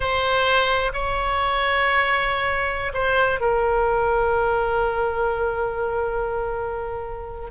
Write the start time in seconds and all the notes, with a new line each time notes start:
0.00 C5
0.93 C#5
2.93 C5
3.40 A#4